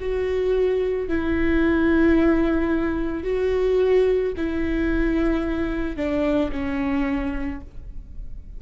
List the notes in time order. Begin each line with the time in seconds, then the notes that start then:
0.00 F#4
1.08 E4
3.23 F#4
4.36 E4
5.96 D4
6.52 C#4